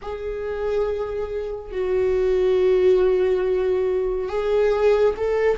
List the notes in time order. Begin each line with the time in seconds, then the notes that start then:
0.02 G#4
1.71 F#4
4.28 G#4
5.17 A4